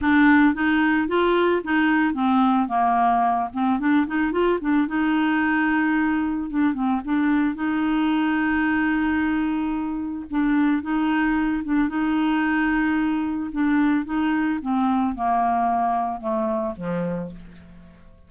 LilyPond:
\new Staff \with { instrumentName = "clarinet" } { \time 4/4 \tempo 4 = 111 d'4 dis'4 f'4 dis'4 | c'4 ais4. c'8 d'8 dis'8 | f'8 d'8 dis'2. | d'8 c'8 d'4 dis'2~ |
dis'2. d'4 | dis'4. d'8 dis'2~ | dis'4 d'4 dis'4 c'4 | ais2 a4 f4 | }